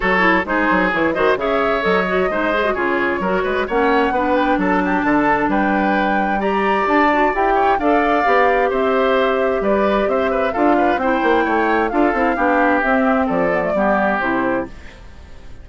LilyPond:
<<
  \new Staff \with { instrumentName = "flute" } { \time 4/4 \tempo 4 = 131 cis''4 c''4 cis''8 dis''8 e''4 | dis''2 cis''2 | fis''4. g''8 a''2 | g''2 ais''4 a''4 |
g''4 f''2 e''4~ | e''4 d''4 e''4 f''4 | g''2 f''2 | e''4 d''2 c''4 | }
  \new Staff \with { instrumentName = "oboe" } { \time 4/4 a'4 gis'4. c''8 cis''4~ | cis''4 c''4 gis'4 ais'8 b'8 | cis''4 b'4 a'8 g'8 a'4 | b'2 d''2~ |
d''8 cis''8 d''2 c''4~ | c''4 b'4 c''8 b'8 a'8 b'8 | c''4 cis''4 a'4 g'4~ | g'4 a'4 g'2 | }
  \new Staff \with { instrumentName = "clarinet" } { \time 4/4 fis'8 e'8 dis'4 e'8 fis'8 gis'4 | a'8 fis'8 dis'8 gis'16 fis'16 f'4 fis'4 | cis'4 d'2.~ | d'2 g'4. fis'8 |
g'4 a'4 g'2~ | g'2. f'4 | e'2 f'8 e'8 d'4 | c'4. b16 a16 b4 e'4 | }
  \new Staff \with { instrumentName = "bassoon" } { \time 4/4 fis4 gis8 fis8 e8 dis8 cis4 | fis4 gis4 cis4 fis8 gis8 | ais4 b4 fis4 d4 | g2. d'4 |
e'4 d'4 b4 c'4~ | c'4 g4 c'4 d'4 | c'8 ais8 a4 d'8 c'8 b4 | c'4 f4 g4 c4 | }
>>